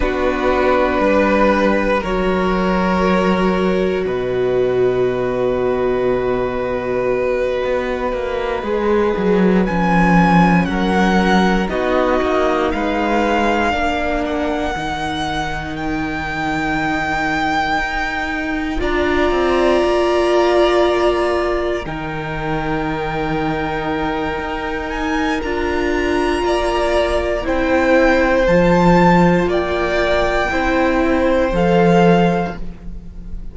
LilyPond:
<<
  \new Staff \with { instrumentName = "violin" } { \time 4/4 \tempo 4 = 59 b'2 cis''2 | dis''1~ | dis''4. gis''4 fis''4 dis''8~ | dis''8 f''4. fis''4. g''8~ |
g''2~ g''8 ais''4.~ | ais''4. g''2~ g''8~ | g''8 gis''8 ais''2 g''4 | a''4 g''2 f''4 | }
  \new Staff \with { instrumentName = "violin" } { \time 4/4 fis'4 b'4 ais'2 | b'1~ | b'2~ b'8 ais'4 fis'8~ | fis'8 b'4 ais'2~ ais'8~ |
ais'2~ ais'8 d''4.~ | d''4. ais'2~ ais'8~ | ais'2 d''4 c''4~ | c''4 d''4 c''2 | }
  \new Staff \with { instrumentName = "viola" } { \time 4/4 d'2 fis'2~ | fis'1~ | fis'8 gis'4 cis'2 dis'8~ | dis'4. d'4 dis'4.~ |
dis'2~ dis'8 f'4.~ | f'4. dis'2~ dis'8~ | dis'4 f'2 e'4 | f'2 e'4 a'4 | }
  \new Staff \with { instrumentName = "cello" } { \time 4/4 b4 g4 fis2 | b,2.~ b,8 b8 | ais8 gis8 fis8 f4 fis4 b8 | ais8 gis4 ais4 dis4.~ |
dis4. dis'4 d'8 c'8 ais8~ | ais4. dis2~ dis8 | dis'4 d'4 ais4 c'4 | f4 ais4 c'4 f4 | }
>>